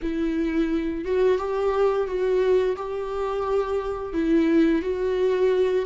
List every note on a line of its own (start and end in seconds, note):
0.02 1.04 E4
1.04 1.38 F#4
1.38 2.07 G4
2.07 2.76 F#4
2.76 4.13 G4
4.13 4.82 E4
4.82 5.85 F#4